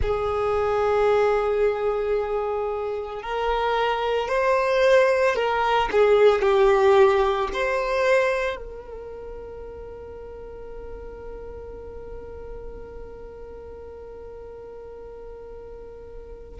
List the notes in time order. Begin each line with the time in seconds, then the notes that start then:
0.01 G#4
3.22 A#4
4.28 C5
5.35 A#4
5.91 G#4
6.41 G4
7.53 C5
8.56 A#4